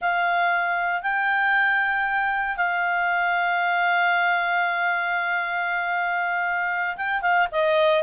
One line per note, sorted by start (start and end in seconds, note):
0.01 1.02 F5
1.02 2.57 G5
2.57 6.96 F5
6.96 7.21 G5
7.21 7.47 F5
7.51 8.03 D#5